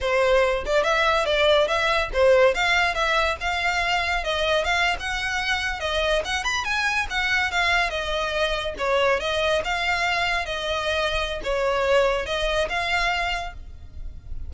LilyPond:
\new Staff \with { instrumentName = "violin" } { \time 4/4 \tempo 4 = 142 c''4. d''8 e''4 d''4 | e''4 c''4 f''4 e''4 | f''2 dis''4 f''8. fis''16~ | fis''4.~ fis''16 dis''4 fis''8 b''8 gis''16~ |
gis''8. fis''4 f''4 dis''4~ dis''16~ | dis''8. cis''4 dis''4 f''4~ f''16~ | f''8. dis''2~ dis''16 cis''4~ | cis''4 dis''4 f''2 | }